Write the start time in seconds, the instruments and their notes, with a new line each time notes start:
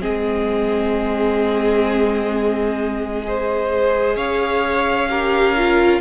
0.00 cello G#3, viola C4, violin G#4 D#5
3.24 viola G#4, violin C5
4.16 cello C#4, violin C#5 F5
5.10 viola G4, violin A#4
5.57 viola F4